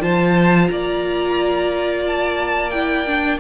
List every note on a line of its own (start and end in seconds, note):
0.00 0.69 F3
0.00 2.70 F4
0.00 0.71 C5
0.00 0.68 A5
0.68 3.40 A#3
0.68 3.40 D5
0.68 2.03 A#5
2.07 2.70 A5
2.70 3.06 E4
2.70 3.38 G5
3.06 3.40 D4